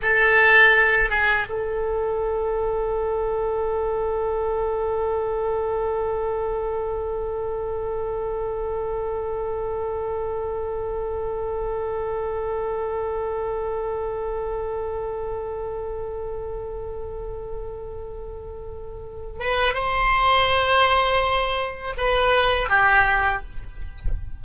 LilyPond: \new Staff \with { instrumentName = "oboe" } { \time 4/4 \tempo 4 = 82 a'4. gis'8 a'2~ | a'1~ | a'1~ | a'1~ |
a'1~ | a'1~ | a'2~ a'8 b'8 c''4~ | c''2 b'4 g'4 | }